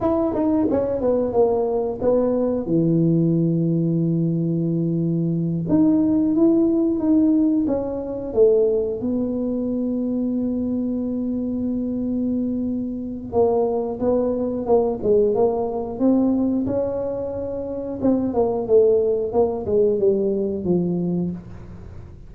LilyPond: \new Staff \with { instrumentName = "tuba" } { \time 4/4 \tempo 4 = 90 e'8 dis'8 cis'8 b8 ais4 b4 | e1~ | e8 dis'4 e'4 dis'4 cis'8~ | cis'8 a4 b2~ b8~ |
b1 | ais4 b4 ais8 gis8 ais4 | c'4 cis'2 c'8 ais8 | a4 ais8 gis8 g4 f4 | }